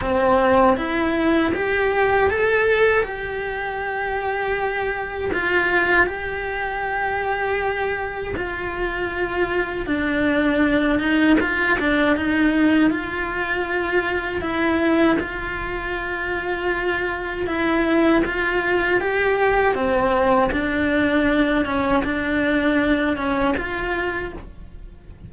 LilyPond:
\new Staff \with { instrumentName = "cello" } { \time 4/4 \tempo 4 = 79 c'4 e'4 g'4 a'4 | g'2. f'4 | g'2. f'4~ | f'4 d'4. dis'8 f'8 d'8 |
dis'4 f'2 e'4 | f'2. e'4 | f'4 g'4 c'4 d'4~ | d'8 cis'8 d'4. cis'8 f'4 | }